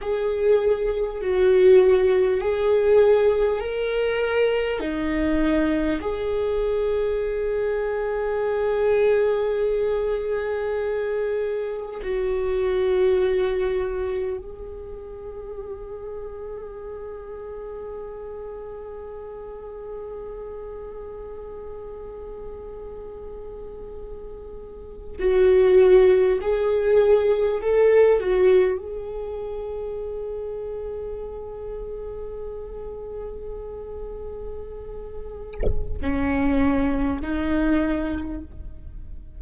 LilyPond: \new Staff \with { instrumentName = "viola" } { \time 4/4 \tempo 4 = 50 gis'4 fis'4 gis'4 ais'4 | dis'4 gis'2.~ | gis'2 fis'2 | gis'1~ |
gis'1~ | gis'4 fis'4 gis'4 a'8 fis'8 | gis'1~ | gis'2 cis'4 dis'4 | }